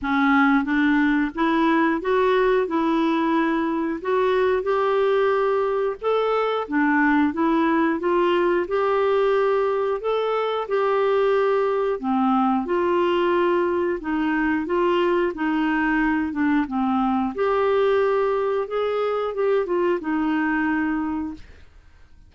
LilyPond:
\new Staff \with { instrumentName = "clarinet" } { \time 4/4 \tempo 4 = 90 cis'4 d'4 e'4 fis'4 | e'2 fis'4 g'4~ | g'4 a'4 d'4 e'4 | f'4 g'2 a'4 |
g'2 c'4 f'4~ | f'4 dis'4 f'4 dis'4~ | dis'8 d'8 c'4 g'2 | gis'4 g'8 f'8 dis'2 | }